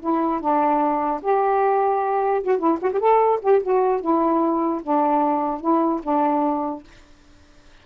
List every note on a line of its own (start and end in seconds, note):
0.00 0.40 E4
0.40 1.21 D4
1.22 2.43 G4
2.43 2.58 F#4
2.58 2.78 E4
2.82 2.92 F#4
2.92 2.99 G4
2.99 3.40 A4
3.42 3.62 G4
3.62 4.01 F#4
4.01 4.81 E4
4.83 5.60 D4
5.60 6.00 E4
6.03 6.83 D4